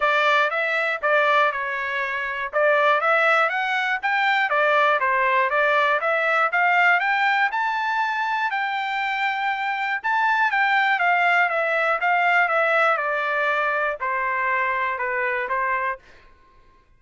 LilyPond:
\new Staff \with { instrumentName = "trumpet" } { \time 4/4 \tempo 4 = 120 d''4 e''4 d''4 cis''4~ | cis''4 d''4 e''4 fis''4 | g''4 d''4 c''4 d''4 | e''4 f''4 g''4 a''4~ |
a''4 g''2. | a''4 g''4 f''4 e''4 | f''4 e''4 d''2 | c''2 b'4 c''4 | }